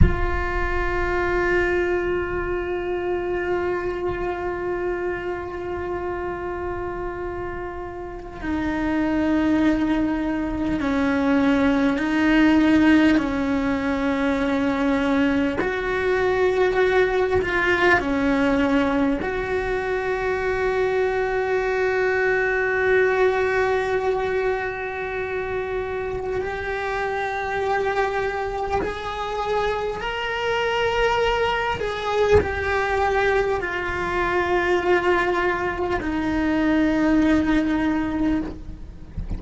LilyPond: \new Staff \with { instrumentName = "cello" } { \time 4/4 \tempo 4 = 50 f'1~ | f'2. dis'4~ | dis'4 cis'4 dis'4 cis'4~ | cis'4 fis'4. f'8 cis'4 |
fis'1~ | fis'2 g'2 | gis'4 ais'4. gis'8 g'4 | f'2 dis'2 | }